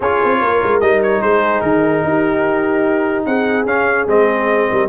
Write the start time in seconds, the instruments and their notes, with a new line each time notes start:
0.00 tuba C#4, trombone F4, horn G#4, trumpet C#5
0.23 tuba C4
0.41 tuba A#3, horn A#4
0.62 tuba G#3
0.80 tuba G3, trombone D#4, trumpet D#5
1.03 trumpet C#5
1.21 tuba G#3, horn G#4, trumpet C5
1.61 tuba D#3, trumpet A#4
2.04 tuba D#4, horn G4
3.25 tuba C4, horn G#4, trumpet F#5
3.65 tuba C#4, trombone C#4, trumpet F5
4.07 tuba G#3, trombone C4, trumpet D#5
4.70 tuba G3, horn A#4